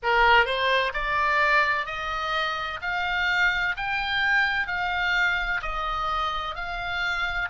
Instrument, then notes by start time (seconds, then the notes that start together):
oboe
0.03 A#4
0.45 C5
0.93 D5
1.86 D#5
2.81 F5
3.76 G5
4.67 F5
5.62 D#5
6.55 F5